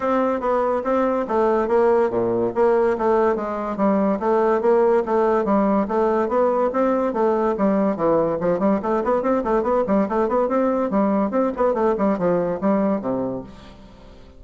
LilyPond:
\new Staff \with { instrumentName = "bassoon" } { \time 4/4 \tempo 4 = 143 c'4 b4 c'4 a4 | ais4 ais,4 ais4 a4 | gis4 g4 a4 ais4 | a4 g4 a4 b4 |
c'4 a4 g4 e4 | f8 g8 a8 b8 c'8 a8 b8 g8 | a8 b8 c'4 g4 c'8 b8 | a8 g8 f4 g4 c4 | }